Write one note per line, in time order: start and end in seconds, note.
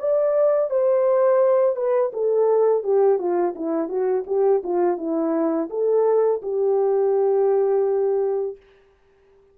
0.00 0.71 D5
0.71 1.76 C5
1.76 2.12 B4
2.13 2.84 A4
2.84 3.19 G4
3.19 3.55 F4
3.56 3.89 E4
3.89 4.25 F#4
4.27 4.63 G4
4.64 4.98 F4
4.98 5.69 E4
5.70 6.42 A4
6.43 8.57 G4